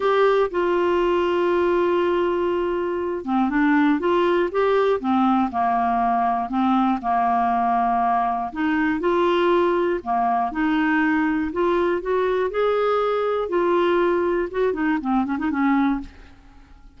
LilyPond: \new Staff \with { instrumentName = "clarinet" } { \time 4/4 \tempo 4 = 120 g'4 f'2.~ | f'2~ f'8 c'8 d'4 | f'4 g'4 c'4 ais4~ | ais4 c'4 ais2~ |
ais4 dis'4 f'2 | ais4 dis'2 f'4 | fis'4 gis'2 f'4~ | f'4 fis'8 dis'8 c'8 cis'16 dis'16 cis'4 | }